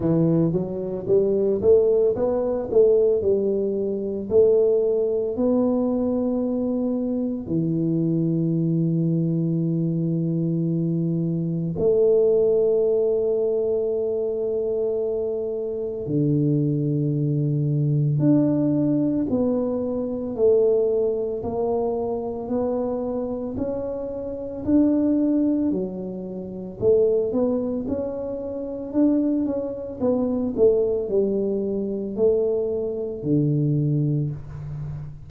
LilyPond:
\new Staff \with { instrumentName = "tuba" } { \time 4/4 \tempo 4 = 56 e8 fis8 g8 a8 b8 a8 g4 | a4 b2 e4~ | e2. a4~ | a2. d4~ |
d4 d'4 b4 a4 | ais4 b4 cis'4 d'4 | fis4 a8 b8 cis'4 d'8 cis'8 | b8 a8 g4 a4 d4 | }